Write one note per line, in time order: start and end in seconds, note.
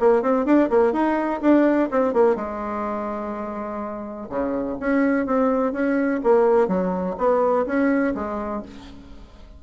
0.00 0.22 A#3
0.22 0.45 C4
0.45 0.69 D4
0.70 0.92 A#3
0.92 1.40 D#4
1.41 1.89 D4
1.91 2.13 C4
2.13 2.36 A#3
2.36 4.28 G#3
4.29 4.77 C#3
4.80 5.26 C#4
5.26 5.73 C4
5.73 6.21 C#4
6.23 6.68 A#3
6.68 7.16 F#3
7.18 7.66 B3
7.66 8.14 C#4
8.14 8.62 G#3